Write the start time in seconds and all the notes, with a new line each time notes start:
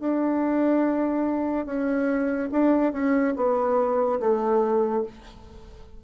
0.00 D4
1.66 C#4
2.52 D4
2.93 C#4
3.36 B3
4.20 A3